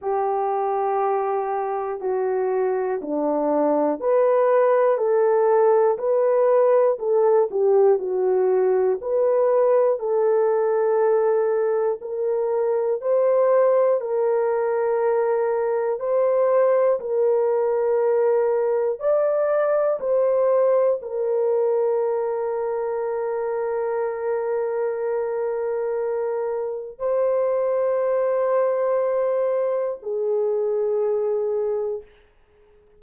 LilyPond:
\new Staff \with { instrumentName = "horn" } { \time 4/4 \tempo 4 = 60 g'2 fis'4 d'4 | b'4 a'4 b'4 a'8 g'8 | fis'4 b'4 a'2 | ais'4 c''4 ais'2 |
c''4 ais'2 d''4 | c''4 ais'2.~ | ais'2. c''4~ | c''2 gis'2 | }